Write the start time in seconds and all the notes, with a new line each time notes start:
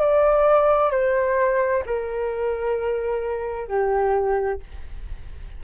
0.00 D5
0.91 C5
1.85 A#4
3.67 G4